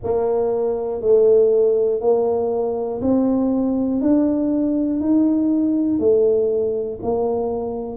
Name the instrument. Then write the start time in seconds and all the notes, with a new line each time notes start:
tuba
0.03 A#3
1.00 A3
2.00 A#3
3.01 C4
4.01 D4
5.00 D#4
5.99 A3
7.02 A#3